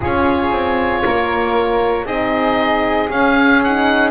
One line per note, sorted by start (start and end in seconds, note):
0.00 0.51 C#4
0.00 2.06 F4
0.00 1.01 G#4
0.00 2.06 C#5
0.51 1.03 C4
1.05 2.05 A#3
1.05 2.05 A#4
2.05 3.08 C4
2.05 3.09 D#4
2.05 4.10 G#4
2.05 3.09 D#5
3.09 4.10 C#4
3.09 3.62 C#4
3.09 3.63 F5
3.63 4.10 D#4
3.63 4.10 F#5